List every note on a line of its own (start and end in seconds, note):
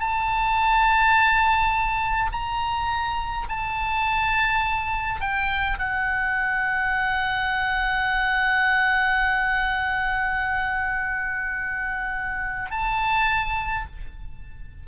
0.00 2.31 A5
2.32 3.47 A#5
3.49 5.20 A5
5.20 5.78 G5
5.78 12.70 F#5
12.70 13.86 A5